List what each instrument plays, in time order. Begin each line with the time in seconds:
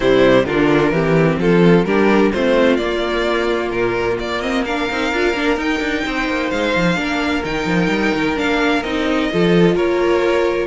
0.00 cello C3, viola G3, violin E4 C5
0.45 cello D3, viola D4, violin F4 A#4
0.90 cello E3, viola C4, violin G4
1.38 cello F3, violin F4 A4
1.84 cello G3, viola D4, violin G4 A#4
2.32 cello A3, viola C4, violin F4 C5
2.76 cello A#3, viola A#3, violin D5
3.70 cello A#2, violin A#4
4.19 cello A#3, violin D5
4.41 viola C4, violin D#5
4.64 viola D4, violin A#4 F5
4.90 cello C4, viola D#4
5.12 cello D4, viola F4
5.33 cello A#3, viola D4
5.56 cello D#4, viola D#4, violin G5
5.80 cello D4
6.05 cello C4, violin C5
6.28 cello A#3
6.50 cello G#3, violin F5
6.75 cello F3
6.95 cello A#3, viola D4, violin A#4
7.44 cello D#3, viola D#4, violin G5
7.66 cello F3
7.88 cello G3
8.15 cello D#3
8.35 cello A#3, viola D4, violin F5
8.83 cello C4, viola D#4, violin D#5
9.31 cello F3, viola F4, violin A4
9.74 cello A#3, violin A#4 C#5